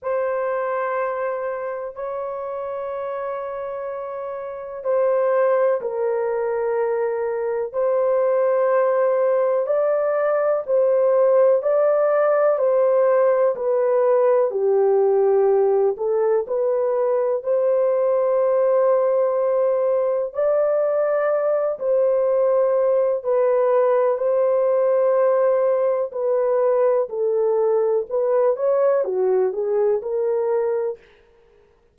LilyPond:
\new Staff \with { instrumentName = "horn" } { \time 4/4 \tempo 4 = 62 c''2 cis''2~ | cis''4 c''4 ais'2 | c''2 d''4 c''4 | d''4 c''4 b'4 g'4~ |
g'8 a'8 b'4 c''2~ | c''4 d''4. c''4. | b'4 c''2 b'4 | a'4 b'8 cis''8 fis'8 gis'8 ais'4 | }